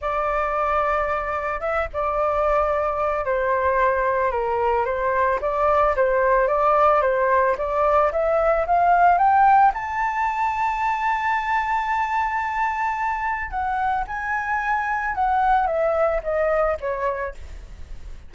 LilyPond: \new Staff \with { instrumentName = "flute" } { \time 4/4 \tempo 4 = 111 d''2. e''8 d''8~ | d''2 c''2 | ais'4 c''4 d''4 c''4 | d''4 c''4 d''4 e''4 |
f''4 g''4 a''2~ | a''1~ | a''4 fis''4 gis''2 | fis''4 e''4 dis''4 cis''4 | }